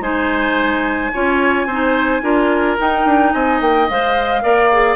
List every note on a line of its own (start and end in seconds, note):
0.00 1.10 G#3
0.00 1.12 D#4
0.00 1.12 C5
0.00 2.77 G#5
1.12 1.66 C#4
1.12 1.67 F4
1.12 1.67 C#5
1.66 2.21 C4
1.66 2.22 D#4
1.66 2.22 C5
2.22 2.77 D4
2.22 2.77 F4
2.22 3.33 A#4
2.78 3.88 D#4
2.78 3.05 D#4
2.78 3.32 G5
3.05 3.32 D4
3.32 3.60 C4
3.32 4.43 D#5
3.32 3.59 G#5
3.60 3.88 A#3
3.60 3.89 G5
3.89 4.43 G#3
3.89 4.42 C5
3.89 4.96 F5
4.42 4.96 A#3
4.42 4.69 A#4
4.42 4.96 D5
4.72 4.96 G#4